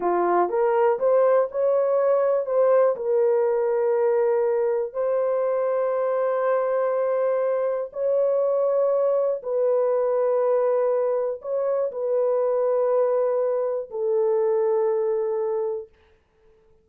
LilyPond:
\new Staff \with { instrumentName = "horn" } { \time 4/4 \tempo 4 = 121 f'4 ais'4 c''4 cis''4~ | cis''4 c''4 ais'2~ | ais'2 c''2~ | c''1 |
cis''2. b'4~ | b'2. cis''4 | b'1 | a'1 | }